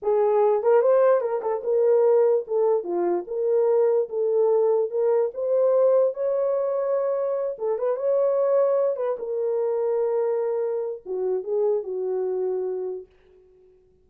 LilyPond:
\new Staff \with { instrumentName = "horn" } { \time 4/4 \tempo 4 = 147 gis'4. ais'8 c''4 ais'8 a'8 | ais'2 a'4 f'4 | ais'2 a'2 | ais'4 c''2 cis''4~ |
cis''2~ cis''8 a'8 b'8 cis''8~ | cis''2 b'8 ais'4.~ | ais'2. fis'4 | gis'4 fis'2. | }